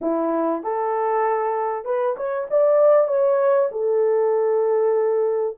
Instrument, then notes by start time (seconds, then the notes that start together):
horn
0.01 E4
0.63 A4
1.84 B4
2.16 C#5
2.50 D5
3.07 C#5
3.71 A4